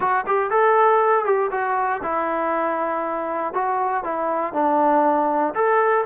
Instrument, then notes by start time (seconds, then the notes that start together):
trombone
0.00 F#4
0.26 G4
0.50 A4
1.25 G4
1.51 F#4
2.02 E4
3.53 F#4
4.04 E4
4.53 D4
5.54 A4